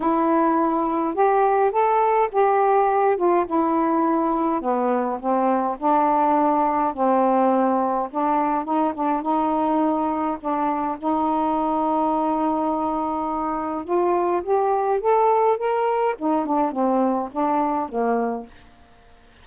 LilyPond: \new Staff \with { instrumentName = "saxophone" } { \time 4/4 \tempo 4 = 104 e'2 g'4 a'4 | g'4. f'8 e'2 | b4 c'4 d'2 | c'2 d'4 dis'8 d'8 |
dis'2 d'4 dis'4~ | dis'1 | f'4 g'4 a'4 ais'4 | dis'8 d'8 c'4 d'4 ais4 | }